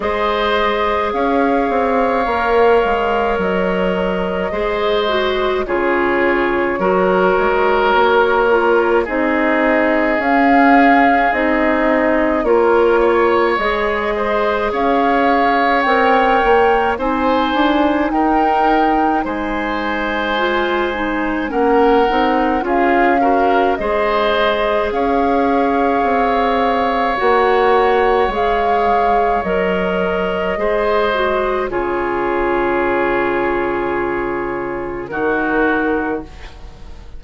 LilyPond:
<<
  \new Staff \with { instrumentName = "flute" } { \time 4/4 \tempo 4 = 53 dis''4 f''2 dis''4~ | dis''4 cis''2. | dis''4 f''4 dis''4 cis''4 | dis''4 f''4 g''4 gis''4 |
g''4 gis''2 fis''4 | f''4 dis''4 f''2 | fis''4 f''4 dis''2 | cis''2. ais'4 | }
  \new Staff \with { instrumentName = "oboe" } { \time 4/4 c''4 cis''2. | c''4 gis'4 ais'2 | gis'2. ais'8 cis''8~ | cis''8 c''8 cis''2 c''4 |
ais'4 c''2 ais'4 | gis'8 ais'8 c''4 cis''2~ | cis''2. c''4 | gis'2. fis'4 | }
  \new Staff \with { instrumentName = "clarinet" } { \time 4/4 gis'2 ais'2 | gis'8 fis'8 f'4 fis'4. f'8 | dis'4 cis'4 dis'4 f'4 | gis'2 ais'4 dis'4~ |
dis'2 f'8 dis'8 cis'8 dis'8 | f'8 fis'8 gis'2. | fis'4 gis'4 ais'4 gis'8 fis'8 | f'2. dis'4 | }
  \new Staff \with { instrumentName = "bassoon" } { \time 4/4 gis4 cis'8 c'8 ais8 gis8 fis4 | gis4 cis4 fis8 gis8 ais4 | c'4 cis'4 c'4 ais4 | gis4 cis'4 c'8 ais8 c'8 d'8 |
dis'4 gis2 ais8 c'8 | cis'4 gis4 cis'4 c'4 | ais4 gis4 fis4 gis4 | cis2. dis4 | }
>>